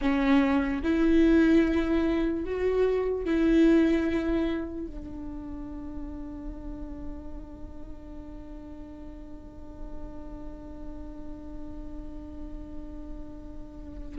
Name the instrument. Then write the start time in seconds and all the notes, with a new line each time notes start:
viola
0.01 C#4
0.83 E4
2.44 F#4
3.24 E4
4.86 D4